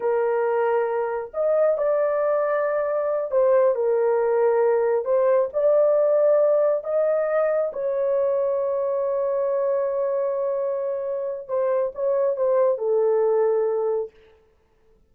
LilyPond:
\new Staff \with { instrumentName = "horn" } { \time 4/4 \tempo 4 = 136 ais'2. dis''4 | d''2.~ d''8 c''8~ | c''8 ais'2. c''8~ | c''8 d''2. dis''8~ |
dis''4. cis''2~ cis''8~ | cis''1~ | cis''2 c''4 cis''4 | c''4 a'2. | }